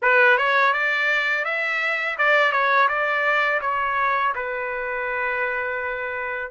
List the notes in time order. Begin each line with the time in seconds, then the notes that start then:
0.02 B4
0.37 C#5
0.73 D5
1.44 E5
2.18 D5
2.51 C#5
2.88 D5
3.61 C#5
4.35 B4